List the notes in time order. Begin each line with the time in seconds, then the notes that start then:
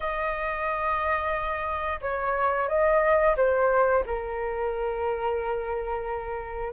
0.00 D#5
2.01 C#5
2.68 D#5
3.36 C5
4.05 A#4